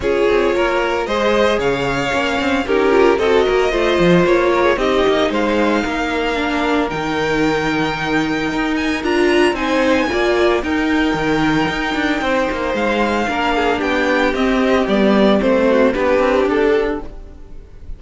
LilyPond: <<
  \new Staff \with { instrumentName = "violin" } { \time 4/4 \tempo 4 = 113 cis''2 dis''4 f''4~ | f''4 ais'4 dis''2 | cis''4 dis''4 f''2~ | f''4 g''2.~ |
g''8 gis''8 ais''4 gis''2 | g''1 | f''2 g''4 dis''4 | d''4 c''4 b'4 a'4 | }
  \new Staff \with { instrumentName = "violin" } { \time 4/4 gis'4 ais'4 c''4 cis''4~ | cis''4 g'4 a'8 ais'8 c''4~ | c''8 ais'16 gis'16 g'4 c''4 ais'4~ | ais'1~ |
ais'2 c''4 d''4 | ais'2. c''4~ | c''4 ais'8 gis'8 g'2~ | g'4. fis'8 g'2 | }
  \new Staff \with { instrumentName = "viola" } { \time 4/4 f'2 gis'2 | cis'4 dis'8 f'8 fis'4 f'4~ | f'4 dis'2. | d'4 dis'2.~ |
dis'4 f'4 dis'4 f'4 | dis'1~ | dis'4 d'2 c'4 | b4 c'4 d'2 | }
  \new Staff \with { instrumentName = "cello" } { \time 4/4 cis'8 c'8 ais4 gis4 cis4 | ais8 c'8 cis'4 c'8 ais8 a8 f8 | ais4 c'8 ais8 gis4 ais4~ | ais4 dis2. |
dis'4 d'4 c'4 ais4 | dis'4 dis4 dis'8 d'8 c'8 ais8 | gis4 ais4 b4 c'4 | g4 a4 b8 c'8 d'4 | }
>>